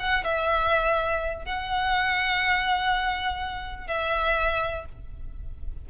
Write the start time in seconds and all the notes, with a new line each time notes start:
0.00 F#5
0.24 E5
1.45 F#5
3.88 E5